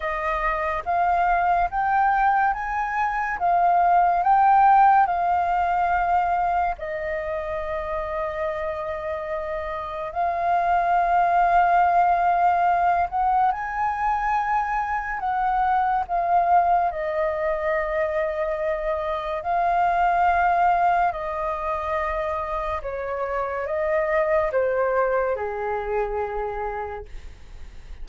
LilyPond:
\new Staff \with { instrumentName = "flute" } { \time 4/4 \tempo 4 = 71 dis''4 f''4 g''4 gis''4 | f''4 g''4 f''2 | dis''1 | f''2.~ f''8 fis''8 |
gis''2 fis''4 f''4 | dis''2. f''4~ | f''4 dis''2 cis''4 | dis''4 c''4 gis'2 | }